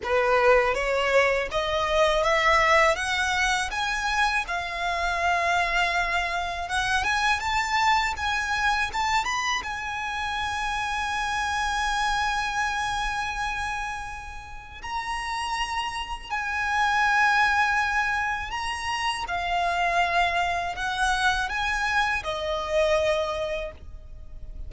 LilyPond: \new Staff \with { instrumentName = "violin" } { \time 4/4 \tempo 4 = 81 b'4 cis''4 dis''4 e''4 | fis''4 gis''4 f''2~ | f''4 fis''8 gis''8 a''4 gis''4 | a''8 b''8 gis''2.~ |
gis''1 | ais''2 gis''2~ | gis''4 ais''4 f''2 | fis''4 gis''4 dis''2 | }